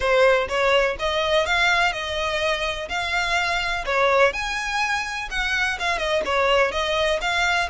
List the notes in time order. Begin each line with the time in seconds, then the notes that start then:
0.00 C5
0.48 C#5
0.99 D#5
1.45 F5
1.92 D#5
2.88 F5
3.85 C#5
4.32 G#5
5.30 F#5
5.79 F5
5.98 D#5
6.25 C#5
6.71 D#5
7.21 F5